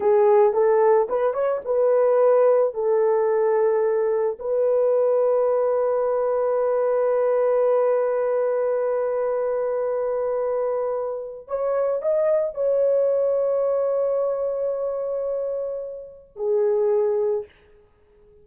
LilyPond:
\new Staff \with { instrumentName = "horn" } { \time 4/4 \tempo 4 = 110 gis'4 a'4 b'8 cis''8 b'4~ | b'4 a'2. | b'1~ | b'1~ |
b'1~ | b'4 cis''4 dis''4 cis''4~ | cis''1~ | cis''2 gis'2 | }